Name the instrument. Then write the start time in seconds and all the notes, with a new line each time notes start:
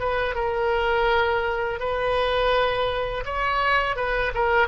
oboe
0.00 B4
0.35 A#4
1.80 B4
3.25 C#5
3.96 B4
4.34 A#4